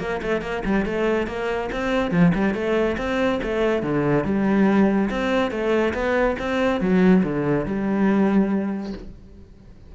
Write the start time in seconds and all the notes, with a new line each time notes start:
0.00 A#3
0.23 A3
0.42 A#3
0.65 G3
0.86 A3
1.28 A#3
1.72 C4
2.12 F3
2.35 G3
2.55 A3
2.98 C4
3.43 A3
3.83 D3
4.25 G3
5.11 C4
5.51 A3
5.94 B3
6.39 C4
6.81 F#3
7.24 D3
7.66 G3